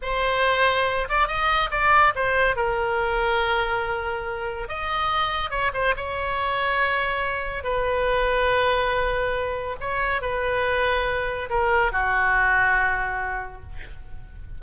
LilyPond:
\new Staff \with { instrumentName = "oboe" } { \time 4/4 \tempo 4 = 141 c''2~ c''8 d''8 dis''4 | d''4 c''4 ais'2~ | ais'2. dis''4~ | dis''4 cis''8 c''8 cis''2~ |
cis''2 b'2~ | b'2. cis''4 | b'2. ais'4 | fis'1 | }